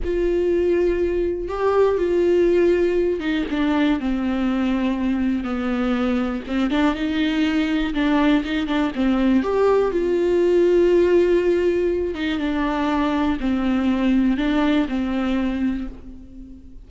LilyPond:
\new Staff \with { instrumentName = "viola" } { \time 4/4 \tempo 4 = 121 f'2. g'4 | f'2~ f'8 dis'8 d'4 | c'2. b4~ | b4 c'8 d'8 dis'2 |
d'4 dis'8 d'8 c'4 g'4 | f'1~ | f'8 dis'8 d'2 c'4~ | c'4 d'4 c'2 | }